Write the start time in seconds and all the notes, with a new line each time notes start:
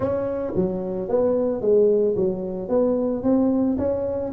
0.00 C#4
0.55 F#3
1.08 B3
1.61 G#3
2.16 F#3
2.69 B3
3.23 C4
3.78 C#4